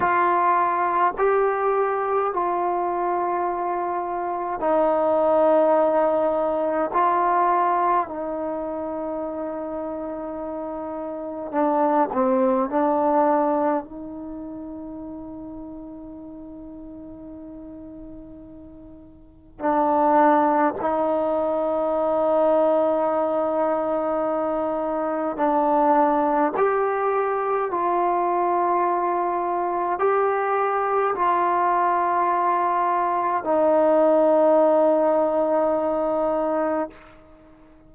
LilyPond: \new Staff \with { instrumentName = "trombone" } { \time 4/4 \tempo 4 = 52 f'4 g'4 f'2 | dis'2 f'4 dis'4~ | dis'2 d'8 c'8 d'4 | dis'1~ |
dis'4 d'4 dis'2~ | dis'2 d'4 g'4 | f'2 g'4 f'4~ | f'4 dis'2. | }